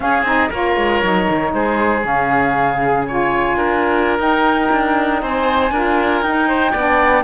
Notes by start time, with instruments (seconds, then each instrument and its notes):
0.00 cello C#4, saxophone C#4, oboe G#4, flute F5
0.22 cello C4, saxophone D#4, flute D#5
0.49 cello A#3, saxophone F4, oboe A#4, flute C#5
0.76 cello G#3
1.02 cello F#3, saxophone D#4
1.29 cello D#3
1.53 cello G#3, oboe G#4, flute C5
2.01 cello C#3, saxophone C#4, flute F5
2.83 saxophone G#4
3.02 oboe C#5, flute G#5
3.09 saxophone F4
3.55 cello D4, oboe A#4
4.18 saxophone D#4, cello D#4, flute G5
4.72 cello D4
5.22 cello C4, oboe C5, flute G#5
5.70 cello D4, saxophone F4, oboe A#4
6.21 cello D#4, saxophone D#4, flute G5
6.48 oboe C5
6.71 cello B3, saxophone D4, oboe D5